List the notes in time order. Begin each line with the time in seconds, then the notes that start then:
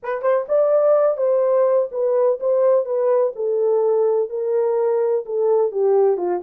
0.02 B4
0.22 C5
0.48 D5
1.17 C5
1.91 B4
2.39 C5
2.85 B4
3.35 A4
4.29 A#4
5.25 A4
5.71 G4
6.17 F4